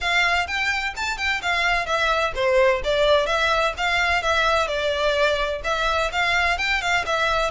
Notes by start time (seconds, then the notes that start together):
0.00 F5
0.47 G5
0.96 A5
1.17 G5
1.41 F5
1.86 E5
2.35 C5
2.84 D5
3.26 E5
3.77 F5
4.22 E5
4.67 D5
5.64 E5
6.12 F5
6.58 G5
6.81 F5
7.05 E5